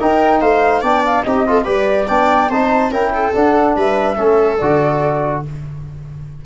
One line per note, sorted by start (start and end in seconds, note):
0.00 0.83 D#4
0.00 0.41 D#4
0.00 0.41 A#4
0.00 0.41 G5
0.41 0.83 A3
0.41 0.81 C5
0.41 0.83 F5
0.81 1.25 B3
0.81 1.25 D4
0.81 1.23 D5
0.81 1.05 G5
1.06 1.24 F5
1.24 1.67 C4
1.24 1.47 D#4
1.24 1.48 G4
1.24 1.66 D#5
1.47 1.65 F4
1.47 1.65 A4
1.65 2.09 G3
1.65 2.07 G4
1.65 2.06 B4
1.65 2.08 D5
2.08 2.50 B3
2.08 2.51 D4
2.08 2.49 D5
2.08 2.50 G5
2.50 2.90 C4
2.50 2.92 D#4
2.50 2.92 C5
2.50 2.93 A5
2.90 3.32 C#4
2.90 3.33 E4
2.90 3.13 A#4
2.90 3.35 G5
3.14 3.77 A4
3.34 4.16 D4
3.34 3.76 D4
3.34 3.77 F#5
3.76 4.18 G3
3.76 4.16 B4
3.76 4.58 E5
4.16 4.60 A3
4.16 4.58 C#4
4.16 5.42 A4
4.58 5.45 D3
4.58 5.46 F#4
4.58 5.42 D5